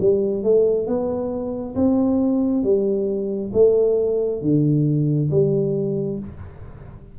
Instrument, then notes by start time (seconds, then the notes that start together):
tuba
0.00 G3
0.43 A3
0.87 B3
1.75 C4
2.63 G3
3.53 A3
4.41 D3
5.31 G3